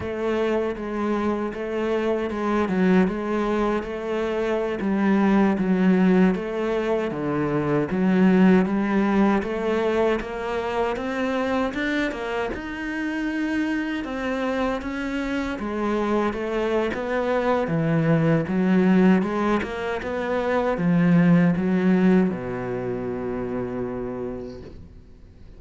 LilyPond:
\new Staff \with { instrumentName = "cello" } { \time 4/4 \tempo 4 = 78 a4 gis4 a4 gis8 fis8 | gis4 a4~ a16 g4 fis8.~ | fis16 a4 d4 fis4 g8.~ | g16 a4 ais4 c'4 d'8 ais16~ |
ais16 dis'2 c'4 cis'8.~ | cis'16 gis4 a8. b4 e4 | fis4 gis8 ais8 b4 f4 | fis4 b,2. | }